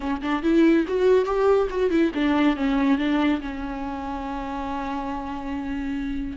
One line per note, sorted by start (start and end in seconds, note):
0.00 0.21 C#4
0.21 0.43 D4
0.43 0.85 E4
0.87 1.25 F#4
1.25 1.68 G4
1.69 1.90 F#4
1.90 2.11 E4
2.14 2.56 D4
2.56 2.98 C#4
2.98 3.40 D4
3.41 6.37 C#4